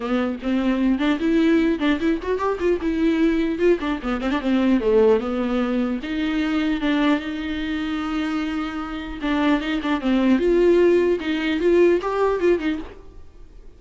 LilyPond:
\new Staff \with { instrumentName = "viola" } { \time 4/4 \tempo 4 = 150 b4 c'4. d'8 e'4~ | e'8 d'8 e'8 fis'8 g'8 f'8 e'4~ | e'4 f'8 d'8 b8 c'16 d'16 c'4 | a4 b2 dis'4~ |
dis'4 d'4 dis'2~ | dis'2. d'4 | dis'8 d'8 c'4 f'2 | dis'4 f'4 g'4 f'8 dis'8 | }